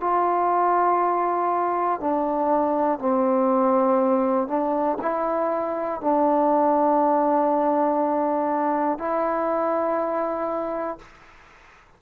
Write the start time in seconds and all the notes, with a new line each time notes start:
0.00 F4
2.00 D4
2.99 C4
4.47 D4
5.01 E4
6.00 D4
8.98 E4